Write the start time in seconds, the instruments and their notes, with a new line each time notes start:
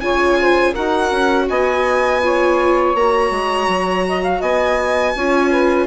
0.00 bassoon C#3, viola F4, saxophone C#5, violin G#5
0.40 saxophone C5
0.72 bassoon D#4, viola F#4, saxophone A#4, violin F#5
1.11 bassoon C#4
1.49 bassoon B3, saxophone D#5, violin G#5
2.21 viola F4, saxophone C#5
2.94 bassoon A#3, viola F#4, violin A#5
3.30 bassoon G#3
3.67 bassoon F#3
4.08 saxophone D#5
4.22 saxophone F5
4.40 bassoon B3, saxophone D#5, violin G#5
5.15 bassoon C#4, viola F4, saxophone C#5
5.50 saxophone B4